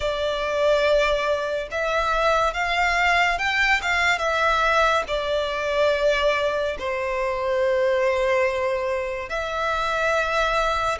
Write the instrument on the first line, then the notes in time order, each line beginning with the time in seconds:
violin
0.00 D5
1.71 E5
2.54 F5
3.38 G5
3.81 F5
4.18 E5
5.07 D5
6.78 C5
9.29 E5